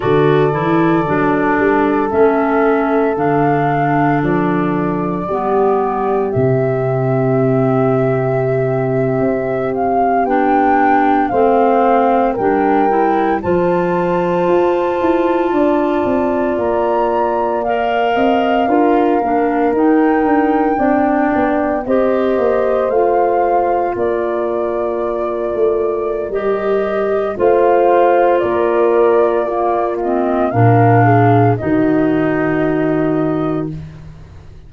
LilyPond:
<<
  \new Staff \with { instrumentName = "flute" } { \time 4/4 \tempo 4 = 57 d''2 e''4 f''4 | d''2 e''2~ | e''4~ e''16 f''8 g''4 f''4 g''16~ | g''8. a''2. ais''16~ |
ais''8. f''2 g''4~ g''16~ | g''8. dis''4 f''4 d''4~ d''16~ | d''4 dis''4 f''4 d''4~ | d''8 dis''8 f''4 dis''2 | }
  \new Staff \with { instrumentName = "horn" } { \time 4/4 a'1~ | a'4 g'2.~ | g'2~ g'8. c''4 ais'16~ | ais'8. c''2 d''4~ d''16~ |
d''4~ d''16 dis''8 ais'2 d''16~ | d''8. c''2 ais'4~ ais'16~ | ais'2 c''4 ais'4 | f'4 ais'8 gis'8 fis'2 | }
  \new Staff \with { instrumentName = "clarinet" } { \time 4/4 fis'8 e'8 d'4 cis'4 d'4~ | d'4 b4 c'2~ | c'4.~ c'16 d'4 c'4 d'16~ | d'16 e'8 f'2.~ f'16~ |
f'8. ais'4 f'8 d'8 dis'4 d'16~ | d'8. g'4 f'2~ f'16~ | f'4 g'4 f'2 | ais8 c'8 d'4 dis'2 | }
  \new Staff \with { instrumentName = "tuba" } { \time 4/4 d8 e8 fis8 g8 a4 d4 | f4 g4 c2~ | c8. c'4 b4 a4 g16~ | g8. f4 f'8 e'8 d'8 c'8 ais16~ |
ais4~ ais16 c'8 d'8 ais8 dis'8 d'8 c'16~ | c'16 b8 c'8 ais8 a4 ais4~ ais16~ | ais16 a8. g4 a4 ais4~ | ais4 ais,4 dis2 | }
>>